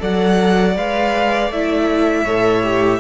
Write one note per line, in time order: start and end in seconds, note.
0.00 0.76 F#3
0.00 0.75 A4
0.00 2.24 D5
0.00 0.78 F#5
0.76 1.50 G#3
0.76 1.51 B4
0.76 1.52 F5
1.50 2.25 A3
1.50 2.27 E4
1.50 3.00 E5
2.24 3.00 A2
2.24 2.63 A4
2.24 2.99 C#5
2.63 3.00 G4